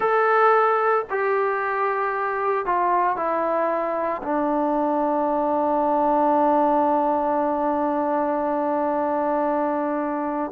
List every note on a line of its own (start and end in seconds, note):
0.00 1.05 A4
1.10 2.65 G4
2.65 3.16 F4
3.16 4.21 E4
4.22 10.51 D4